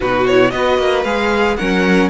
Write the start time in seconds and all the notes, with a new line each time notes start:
0.00 B2 D#4 F#4 B4
0.27 E4 C#5
0.50 B3 F#4 B4 D#5
0.78 A#3
1.04 G#3 G#4 F5
1.56 F#3 C#4 A#4 F#5